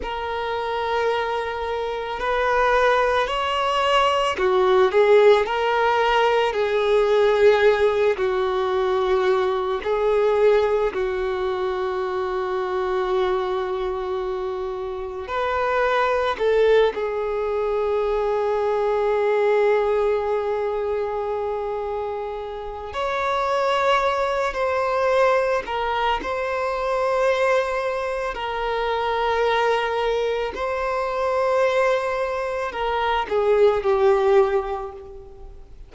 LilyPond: \new Staff \with { instrumentName = "violin" } { \time 4/4 \tempo 4 = 55 ais'2 b'4 cis''4 | fis'8 gis'8 ais'4 gis'4. fis'8~ | fis'4 gis'4 fis'2~ | fis'2 b'4 a'8 gis'8~ |
gis'1~ | gis'4 cis''4. c''4 ais'8 | c''2 ais'2 | c''2 ais'8 gis'8 g'4 | }